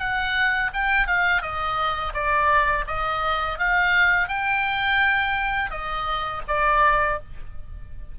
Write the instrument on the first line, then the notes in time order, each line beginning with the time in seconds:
oboe
0.00 F#5
0.74 G5
1.07 F5
1.42 D#5
2.14 D5
2.87 D#5
3.59 F5
4.29 G5
5.71 D#5
6.48 D5